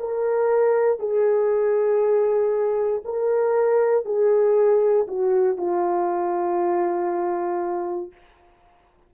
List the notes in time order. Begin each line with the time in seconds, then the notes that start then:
0.00 A#4
1.00 G#4
3.05 A#4
4.05 G#4
5.08 F#4
5.58 F4